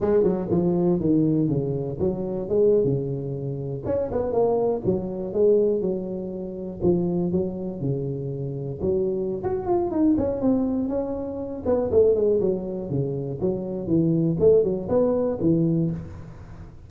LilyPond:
\new Staff \with { instrumentName = "tuba" } { \time 4/4 \tempo 4 = 121 gis8 fis8 f4 dis4 cis4 | fis4 gis8. cis2 cis'16~ | cis'16 b8 ais4 fis4 gis4 fis16~ | fis4.~ fis16 f4 fis4 cis16~ |
cis4.~ cis16 fis4~ fis16 fis'8 f'8 | dis'8 cis'8 c'4 cis'4. b8 | a8 gis8 fis4 cis4 fis4 | e4 a8 fis8 b4 e4 | }